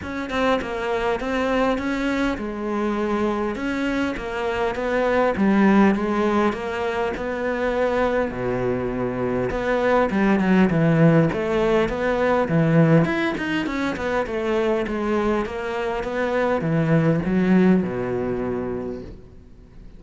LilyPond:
\new Staff \with { instrumentName = "cello" } { \time 4/4 \tempo 4 = 101 cis'8 c'8 ais4 c'4 cis'4 | gis2 cis'4 ais4 | b4 g4 gis4 ais4 | b2 b,2 |
b4 g8 fis8 e4 a4 | b4 e4 e'8 dis'8 cis'8 b8 | a4 gis4 ais4 b4 | e4 fis4 b,2 | }